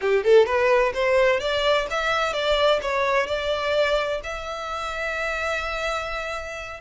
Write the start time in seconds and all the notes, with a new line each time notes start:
0.01 G4
0.24 A4
0.45 B4
0.94 C5
1.40 D5
1.90 E5
2.33 D5
2.82 C#5
3.27 D5
4.23 E5